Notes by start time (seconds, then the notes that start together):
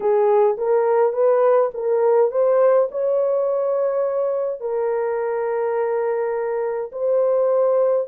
0.00 G#4
0.57 A#4
1.12 B4
1.74 A#4
2.31 C5
2.91 C#5
4.60 A#4
6.92 C5